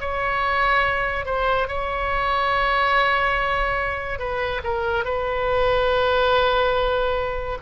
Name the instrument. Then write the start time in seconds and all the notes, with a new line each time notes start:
oboe
0.00 C#5
1.25 C5
1.67 C#5
4.19 B4
4.64 A#4
5.04 B4